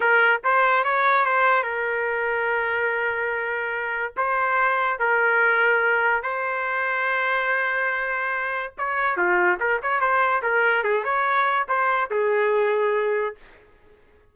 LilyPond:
\new Staff \with { instrumentName = "trumpet" } { \time 4/4 \tempo 4 = 144 ais'4 c''4 cis''4 c''4 | ais'1~ | ais'2 c''2 | ais'2. c''4~ |
c''1~ | c''4 cis''4 f'4 ais'8 cis''8 | c''4 ais'4 gis'8 cis''4. | c''4 gis'2. | }